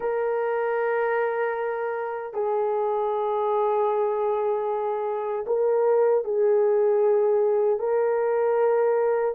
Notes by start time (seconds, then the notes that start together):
0.00 A#4
2.33 G#4
5.47 A#4
6.24 G#4
7.79 A#4